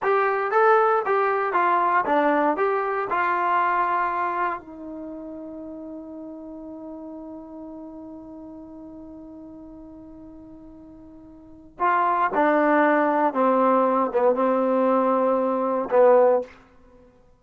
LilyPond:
\new Staff \with { instrumentName = "trombone" } { \time 4/4 \tempo 4 = 117 g'4 a'4 g'4 f'4 | d'4 g'4 f'2~ | f'4 dis'2.~ | dis'1~ |
dis'1~ | dis'2. f'4 | d'2 c'4. b8 | c'2. b4 | }